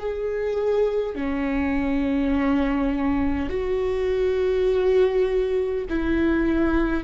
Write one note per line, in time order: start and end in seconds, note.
0.00 1.16 G#4
1.16 3.50 C#4
3.50 5.85 F#4
5.90 7.04 E4